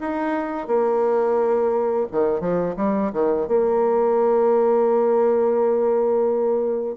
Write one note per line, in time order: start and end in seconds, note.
0.00 0.67 D#4
0.67 2.06 A#3
2.11 2.40 D#3
2.40 2.75 F3
2.76 3.11 G3
3.12 3.47 D#3
3.47 6.96 A#3